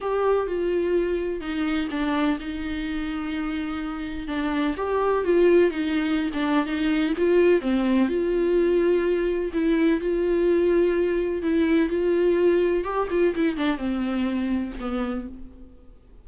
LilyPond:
\new Staff \with { instrumentName = "viola" } { \time 4/4 \tempo 4 = 126 g'4 f'2 dis'4 | d'4 dis'2.~ | dis'4 d'4 g'4 f'4 | dis'4~ dis'16 d'8. dis'4 f'4 |
c'4 f'2. | e'4 f'2. | e'4 f'2 g'8 f'8 | e'8 d'8 c'2 b4 | }